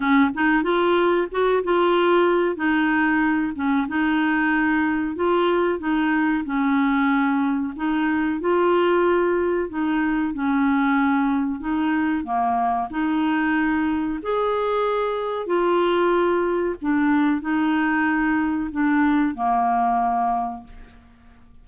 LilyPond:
\new Staff \with { instrumentName = "clarinet" } { \time 4/4 \tempo 4 = 93 cis'8 dis'8 f'4 fis'8 f'4. | dis'4. cis'8 dis'2 | f'4 dis'4 cis'2 | dis'4 f'2 dis'4 |
cis'2 dis'4 ais4 | dis'2 gis'2 | f'2 d'4 dis'4~ | dis'4 d'4 ais2 | }